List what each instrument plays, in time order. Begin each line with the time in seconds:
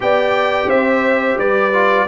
0.00 tuba B3, trombone G4, horn D5, trumpet G5
0.67 tuba C4, horn C5, trumpet E5
1.37 tuba G3, horn B4, trumpet D5
1.72 trombone F4